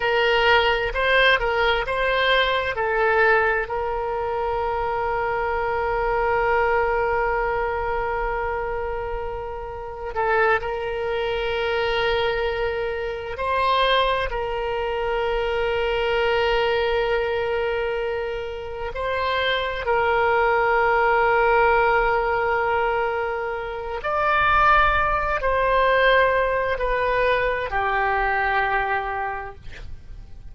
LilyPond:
\new Staff \with { instrumentName = "oboe" } { \time 4/4 \tempo 4 = 65 ais'4 c''8 ais'8 c''4 a'4 | ais'1~ | ais'2. a'8 ais'8~ | ais'2~ ais'8 c''4 ais'8~ |
ais'1~ | ais'8 c''4 ais'2~ ais'8~ | ais'2 d''4. c''8~ | c''4 b'4 g'2 | }